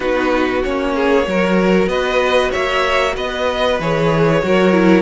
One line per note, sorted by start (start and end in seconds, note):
0.00 0.63 B3
0.00 0.62 D#4
0.00 0.95 F#4
0.00 0.62 B4
0.63 1.27 A#3
0.63 1.25 C#4
0.63 1.88 C#5
0.95 1.26 G#4
1.25 1.86 F#3
1.25 3.78 F#4
1.25 1.89 A#4
1.86 2.49 B3
1.86 2.51 B4
1.86 2.51 D#5
2.51 3.16 A#3
2.51 3.14 C#5
2.51 3.15 E5
3.16 3.79 B3
3.16 4.42 B4
3.16 3.80 D#5
3.79 4.42 E3
3.79 4.42 G#4
3.79 5.01 C#5
4.42 5.01 F#3
4.42 4.72 F#4
4.42 5.01 A#4
4.72 5.01 E4